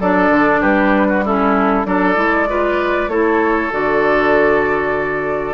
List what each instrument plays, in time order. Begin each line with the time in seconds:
0.00 bassoon F#3, clarinet D4, oboe A4, flute D5
0.29 bassoon D3
0.61 bassoon G3, oboe G4, flute B4
1.09 oboe F#4
1.25 clarinet C#4, oboe E4, flute A4
1.85 bassoon F#3, clarinet D4, oboe A4, flute D5
2.15 bassoon G#3, clarinet E4
2.49 clarinet F4, oboe B4
3.07 bassoon A3, clarinet E4, oboe A4, flute C#5
3.71 bassoon D3, clarinet F#4, flute D5